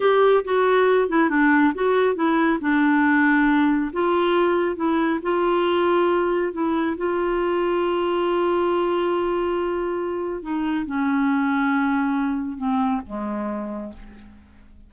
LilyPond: \new Staff \with { instrumentName = "clarinet" } { \time 4/4 \tempo 4 = 138 g'4 fis'4. e'8 d'4 | fis'4 e'4 d'2~ | d'4 f'2 e'4 | f'2. e'4 |
f'1~ | f'1 | dis'4 cis'2.~ | cis'4 c'4 gis2 | }